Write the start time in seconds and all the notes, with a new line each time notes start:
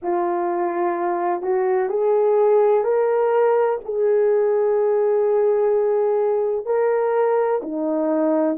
0.02 F4
1.42 F#4
1.89 G#4
2.84 A#4
3.84 G#4
6.65 A#4
7.61 D#4